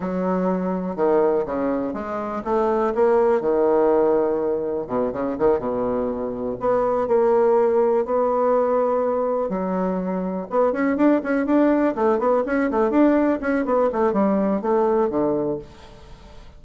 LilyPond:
\new Staff \with { instrumentName = "bassoon" } { \time 4/4 \tempo 4 = 123 fis2 dis4 cis4 | gis4 a4 ais4 dis4~ | dis2 b,8 cis8 dis8 b,8~ | b,4. b4 ais4.~ |
ais8 b2. fis8~ | fis4. b8 cis'8 d'8 cis'8 d'8~ | d'8 a8 b8 cis'8 a8 d'4 cis'8 | b8 a8 g4 a4 d4 | }